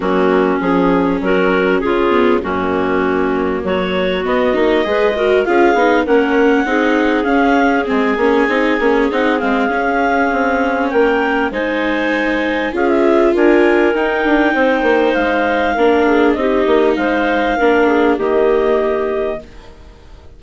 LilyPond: <<
  \new Staff \with { instrumentName = "clarinet" } { \time 4/4 \tempo 4 = 99 fis'4 gis'4 ais'4 gis'4 | fis'2 cis''4 dis''4~ | dis''4 f''4 fis''2 | f''4 gis''2 fis''8 f''8~ |
f''2 g''4 gis''4~ | gis''4 f''16 e''8. gis''4 g''4~ | g''4 f''2 dis''4 | f''2 dis''2 | }
  \new Staff \with { instrumentName = "clarinet" } { \time 4/4 cis'2 fis'4 f'4 | cis'2 fis'2 | b'8 ais'8 gis'4 ais'4 gis'4~ | gis'1~ |
gis'2 ais'4 c''4~ | c''4 gis'4 ais'2 | c''2 ais'8 gis'8 g'4 | c''4 ais'8 gis'8 g'2 | }
  \new Staff \with { instrumentName = "viola" } { \time 4/4 ais4 cis'2~ cis'8 b8 | ais2. b8 dis'8 | gis'8 fis'8 f'8 dis'8 cis'4 dis'4 | cis'4 c'8 cis'8 dis'8 cis'8 dis'8 c'8 |
cis'2. dis'4~ | dis'4 f'2 dis'4~ | dis'2 d'4 dis'4~ | dis'4 d'4 ais2 | }
  \new Staff \with { instrumentName = "bassoon" } { \time 4/4 fis4 f4 fis4 cis4 | fis,2 fis4 b8 ais8 | gis4 cis'8 b8 ais4 c'4 | cis'4 gis8 ais8 c'8 ais8 c'8 gis8 |
cis'4 c'4 ais4 gis4~ | gis4 cis'4 d'4 dis'8 d'8 | c'8 ais8 gis4 ais4 c'8 ais8 | gis4 ais4 dis2 | }
>>